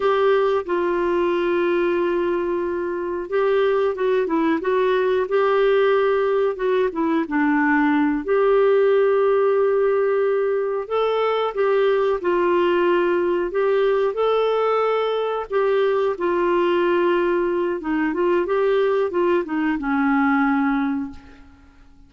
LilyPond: \new Staff \with { instrumentName = "clarinet" } { \time 4/4 \tempo 4 = 91 g'4 f'2.~ | f'4 g'4 fis'8 e'8 fis'4 | g'2 fis'8 e'8 d'4~ | d'8 g'2.~ g'8~ |
g'8 a'4 g'4 f'4.~ | f'8 g'4 a'2 g'8~ | g'8 f'2~ f'8 dis'8 f'8 | g'4 f'8 dis'8 cis'2 | }